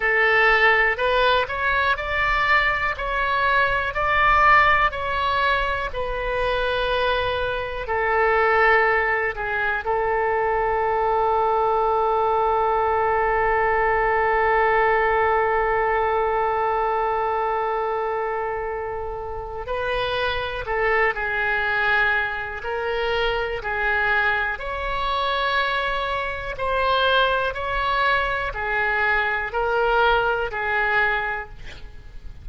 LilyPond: \new Staff \with { instrumentName = "oboe" } { \time 4/4 \tempo 4 = 61 a'4 b'8 cis''8 d''4 cis''4 | d''4 cis''4 b'2 | a'4. gis'8 a'2~ | a'1~ |
a'1 | b'4 a'8 gis'4. ais'4 | gis'4 cis''2 c''4 | cis''4 gis'4 ais'4 gis'4 | }